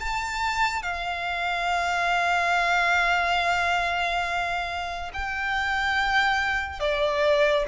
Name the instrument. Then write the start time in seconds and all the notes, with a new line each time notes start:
violin
0.00 A5
0.83 F5
5.14 G5
6.80 D5